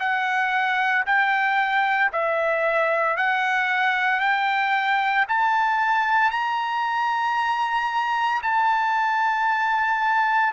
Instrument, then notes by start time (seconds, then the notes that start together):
trumpet
0.00 F#5
1.06 G5
2.13 E5
3.17 F#5
4.21 G5
5.29 A5
6.32 A#5
8.43 A5